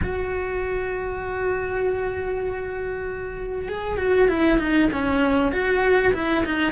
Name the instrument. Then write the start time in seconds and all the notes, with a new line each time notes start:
cello
0.02 F#4
3.68 G#4
3.97 F#4
4.28 E4
4.58 D#4
4.92 C#4
5.51 F#4
6.13 E4
6.45 D#4